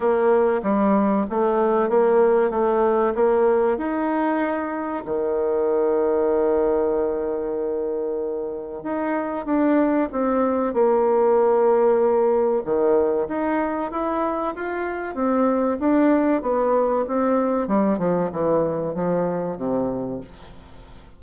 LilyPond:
\new Staff \with { instrumentName = "bassoon" } { \time 4/4 \tempo 4 = 95 ais4 g4 a4 ais4 | a4 ais4 dis'2 | dis1~ | dis2 dis'4 d'4 |
c'4 ais2. | dis4 dis'4 e'4 f'4 | c'4 d'4 b4 c'4 | g8 f8 e4 f4 c4 | }